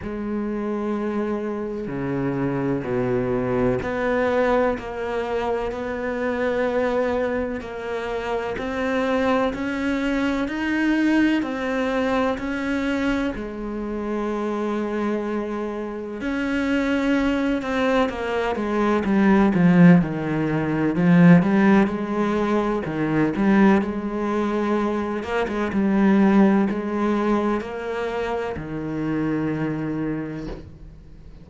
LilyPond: \new Staff \with { instrumentName = "cello" } { \time 4/4 \tempo 4 = 63 gis2 cis4 b,4 | b4 ais4 b2 | ais4 c'4 cis'4 dis'4 | c'4 cis'4 gis2~ |
gis4 cis'4. c'8 ais8 gis8 | g8 f8 dis4 f8 g8 gis4 | dis8 g8 gis4. ais16 gis16 g4 | gis4 ais4 dis2 | }